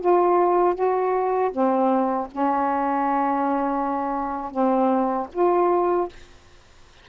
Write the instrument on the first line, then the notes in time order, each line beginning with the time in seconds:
saxophone
0.00 F4
0.75 F#4
1.51 C4
2.32 C#4
4.51 C4
5.32 F4